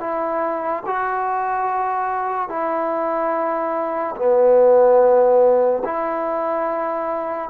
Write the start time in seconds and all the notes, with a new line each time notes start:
0.00 E4
0.86 F#4
2.48 E4
4.16 B3
5.84 E4